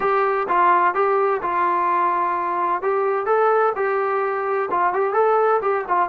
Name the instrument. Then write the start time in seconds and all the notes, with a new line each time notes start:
trombone
0.00 G4
0.48 F4
0.94 G4
1.42 F4
2.81 G4
3.26 A4
3.75 G4
4.70 F4
4.93 G4
5.13 A4
5.61 G4
5.87 F4